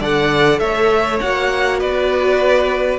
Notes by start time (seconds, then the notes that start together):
0.00 D3 A4 D5 F#5
0.59 A3 C#5 E5
1.20 A#3 F#4 F#5
1.80 B3 B4 D5